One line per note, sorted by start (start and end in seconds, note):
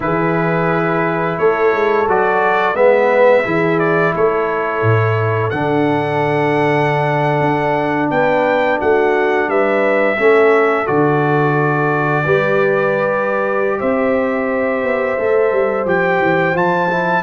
0.00 1.37 E3
0.00 2.06 E4
0.00 1.40 G#4
0.00 1.38 B4
1.38 1.73 A3
1.38 2.74 A4
1.38 2.07 C#5
1.73 2.07 G#3
2.07 2.74 F#3
2.07 2.74 F#4
2.07 2.75 D5
2.74 3.43 G#3
2.74 3.43 B3
2.74 3.43 B4
2.74 3.79 E5
3.44 4.14 E3
3.44 5.51 E4
3.44 4.13 G#4
3.79 4.13 D5
4.14 4.82 A3
4.14 8.12 A4
4.14 5.50 C#5
4.82 5.51 A2
5.50 7.40 D3
5.50 10.17 D4
5.50 8.08 F#5
7.40 8.09 D4
8.10 8.79 B3
8.10 8.79 B4
8.10 8.79 G5
8.79 9.48 A3
8.79 9.48 F#4
8.79 9.49 F#5
9.48 10.17 G3
9.48 10.17 B4
9.48 10.86 E5
10.18 10.87 A3
10.18 10.85 C#4
10.18 12.24 A4
10.85 12.25 D3
10.85 12.23 F#4
10.85 13.79 D5
12.24 13.80 G3
12.24 15.18 G4
12.24 13.79 B4
13.79 14.82 C4
13.79 17.23 C5
13.79 15.87 E5
14.82 15.17 B3
15.18 15.52 A3
15.18 15.86 A4
15.52 15.85 G3
15.85 16.19 F3
15.85 16.54 G4
15.85 16.56 G5
16.20 16.55 E3
16.54 17.23 F3
16.54 16.89 F4
16.54 17.23 A5
16.90 17.23 E4